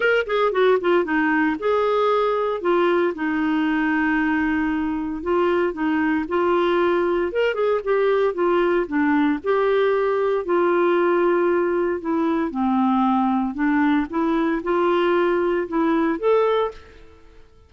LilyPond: \new Staff \with { instrumentName = "clarinet" } { \time 4/4 \tempo 4 = 115 ais'8 gis'8 fis'8 f'8 dis'4 gis'4~ | gis'4 f'4 dis'2~ | dis'2 f'4 dis'4 | f'2 ais'8 gis'8 g'4 |
f'4 d'4 g'2 | f'2. e'4 | c'2 d'4 e'4 | f'2 e'4 a'4 | }